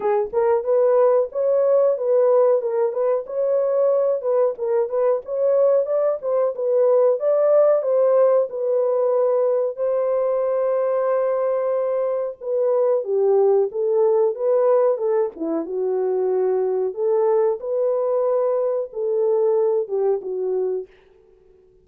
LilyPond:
\new Staff \with { instrumentName = "horn" } { \time 4/4 \tempo 4 = 92 gis'8 ais'8 b'4 cis''4 b'4 | ais'8 b'8 cis''4. b'8 ais'8 b'8 | cis''4 d''8 c''8 b'4 d''4 | c''4 b'2 c''4~ |
c''2. b'4 | g'4 a'4 b'4 a'8 e'8 | fis'2 a'4 b'4~ | b'4 a'4. g'8 fis'4 | }